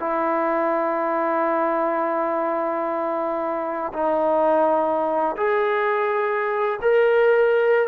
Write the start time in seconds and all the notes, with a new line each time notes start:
0.00 E4
3.94 D#4
5.37 G#4
6.82 A#4